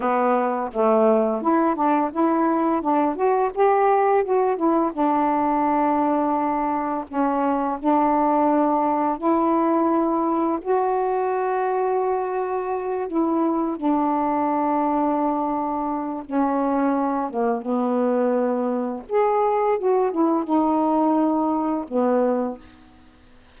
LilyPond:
\new Staff \with { instrumentName = "saxophone" } { \time 4/4 \tempo 4 = 85 b4 a4 e'8 d'8 e'4 | d'8 fis'8 g'4 fis'8 e'8 d'4~ | d'2 cis'4 d'4~ | d'4 e'2 fis'4~ |
fis'2~ fis'8 e'4 d'8~ | d'2. cis'4~ | cis'8 ais8 b2 gis'4 | fis'8 e'8 dis'2 b4 | }